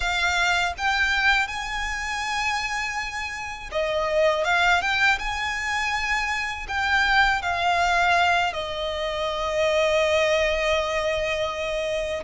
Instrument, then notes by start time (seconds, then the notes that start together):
violin
0.00 F5
0.77 G5
1.47 G#5
3.71 D#5
4.44 F5
4.81 G5
5.18 G#5
6.68 G5
7.41 F5
8.53 D#5